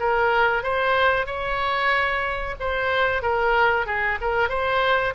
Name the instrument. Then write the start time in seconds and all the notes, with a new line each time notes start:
oboe
0.00 A#4
0.63 C5
1.26 C#5
2.60 C5
3.22 A#4
3.86 G#4
4.21 A#4
4.49 C5